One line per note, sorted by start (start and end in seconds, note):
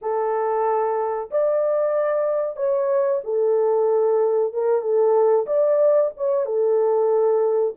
0.01 1.30 A4
1.30 2.56 D5
2.56 3.21 C#5
3.24 4.53 A4
4.53 4.81 A#4
4.81 5.46 A4
5.46 6.11 D5
6.16 6.45 C#5
6.45 7.74 A4